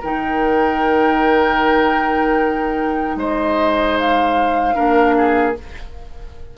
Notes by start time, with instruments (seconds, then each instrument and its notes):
0.00 bassoon D#3, clarinet D#4, oboe A#4, flute G5
3.15 bassoon G#3, oboe C5, flute D#5
3.97 flute F5
4.75 bassoon A#3, clarinet D4, oboe A#4
5.17 oboe G#4